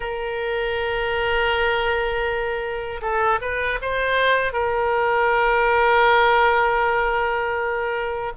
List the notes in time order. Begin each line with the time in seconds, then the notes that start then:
0.00 A#4
3.01 A4
3.41 B4
3.81 C5
4.53 A#4